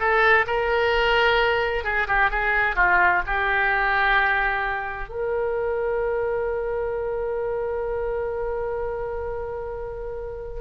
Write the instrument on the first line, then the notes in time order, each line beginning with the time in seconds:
oboe
0.00 A4
0.47 A#4
1.85 G#4
2.08 G4
2.31 G#4
2.76 F4
3.27 G4
5.09 A#4